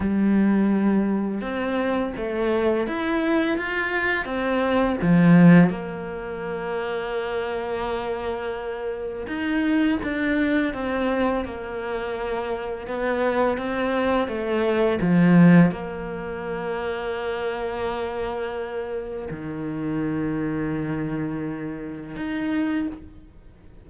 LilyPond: \new Staff \with { instrumentName = "cello" } { \time 4/4 \tempo 4 = 84 g2 c'4 a4 | e'4 f'4 c'4 f4 | ais1~ | ais4 dis'4 d'4 c'4 |
ais2 b4 c'4 | a4 f4 ais2~ | ais2. dis4~ | dis2. dis'4 | }